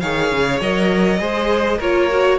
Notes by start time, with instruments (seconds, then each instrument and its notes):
0.00 cello D#3, viola G#4, violin C#5 F5
0.32 cello C#3
0.61 cello F#3, viola A#4, violin D#5
1.19 cello G#3, viola G#4, violin C5
1.79 cello A#3, viola F4, violin A#4 C#5
2.11 viola F#4